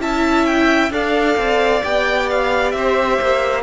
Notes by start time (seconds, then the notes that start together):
0.00 C#4 E4 E5 A5
0.46 G5
0.91 D4 A4 D5 F5
1.37 C4
1.83 B3 G4 G5
2.30 F5
2.71 C4 C5 E5
3.22 A#3